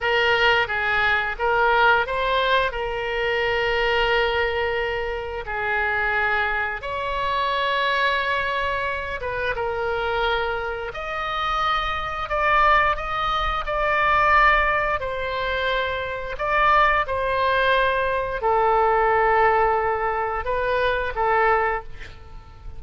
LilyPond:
\new Staff \with { instrumentName = "oboe" } { \time 4/4 \tempo 4 = 88 ais'4 gis'4 ais'4 c''4 | ais'1 | gis'2 cis''2~ | cis''4. b'8 ais'2 |
dis''2 d''4 dis''4 | d''2 c''2 | d''4 c''2 a'4~ | a'2 b'4 a'4 | }